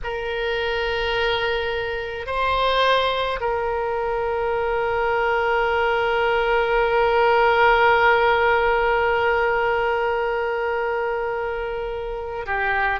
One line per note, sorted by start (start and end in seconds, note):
0.03 2.26 A#4
2.26 3.40 C5
3.40 12.45 A#4
12.46 12.99 G4